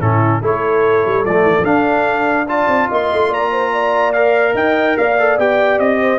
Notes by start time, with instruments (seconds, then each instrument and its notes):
0.00 tuba A2, trombone C#4, horn E4, trumpet A4
0.41 tuba A3, trombone E4, horn A4, trumpet C#5
1.05 tuba G3
1.25 tuba F3, trombone A3, trumpet D5
1.43 tuba E3
1.58 tuba F3 D4, trombone D4
1.64 trumpet F5
2.48 trombone F4, horn D5, trumpet A5
2.67 tuba C4
2.88 tuba A#3, horn D#5, trumpet C6
3.12 tuba A3
3.29 tuba A#3, horn D5, trumpet A#5
3.51 horn C5
3.72 horn D5
4.13 trombone A#4, trumpet F5
4.54 tuba D#4, horn D#5, trumpet G5
4.97 tuba A#3, horn D5, trumpet F5
5.18 trombone A4
5.38 tuba B3, trombone G4, trumpet G5
5.79 tuba C4, trumpet D#5
6.00 horn C5